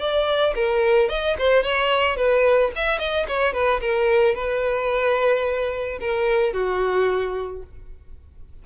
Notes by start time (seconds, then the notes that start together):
0.00 D5
0.56 A#4
1.10 D#5
1.39 C5
1.64 C#5
2.17 B4
2.76 E5
2.99 D#5
3.29 C#5
3.54 B4
3.81 A#4
4.36 B4
6.01 A#4
6.54 F#4